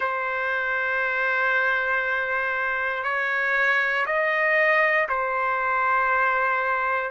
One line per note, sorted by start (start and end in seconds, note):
0.00 3.03 C5
3.03 4.05 C#5
4.05 5.07 D#5
5.08 7.10 C5